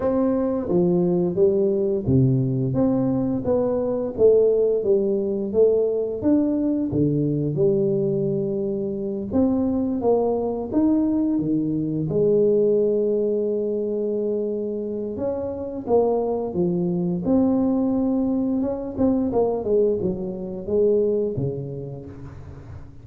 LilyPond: \new Staff \with { instrumentName = "tuba" } { \time 4/4 \tempo 4 = 87 c'4 f4 g4 c4 | c'4 b4 a4 g4 | a4 d'4 d4 g4~ | g4. c'4 ais4 dis'8~ |
dis'8 dis4 gis2~ gis8~ | gis2 cis'4 ais4 | f4 c'2 cis'8 c'8 | ais8 gis8 fis4 gis4 cis4 | }